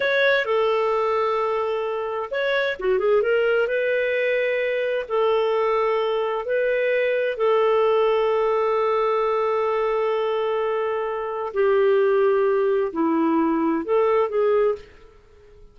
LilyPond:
\new Staff \with { instrumentName = "clarinet" } { \time 4/4 \tempo 4 = 130 cis''4 a'2.~ | a'4 cis''4 fis'8 gis'8 ais'4 | b'2. a'4~ | a'2 b'2 |
a'1~ | a'1~ | a'4 g'2. | e'2 a'4 gis'4 | }